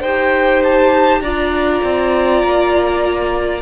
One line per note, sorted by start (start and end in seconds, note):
0.00 1.20 D#4
0.00 1.23 G4
0.00 1.20 C5
0.00 0.61 G5
0.63 1.21 A5
1.20 1.80 D4
1.20 3.61 F4
1.20 3.61 D5
1.20 3.61 A#5
1.83 2.43 C4
2.43 3.61 A#3